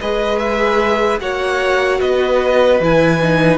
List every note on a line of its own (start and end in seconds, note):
0.00 1.20 G#3
0.00 1.20 G#4
0.00 1.20 B4
0.00 0.38 D#5
0.38 1.18 E5
1.20 2.00 A#3
1.20 2.80 F#4
1.20 2.00 C#5
1.20 2.00 F#5
2.00 2.80 B3
2.00 3.58 B4
2.00 2.80 D#5
2.80 3.58 E3
2.80 3.21 E4
2.80 3.58 G#5
3.21 3.58 D#4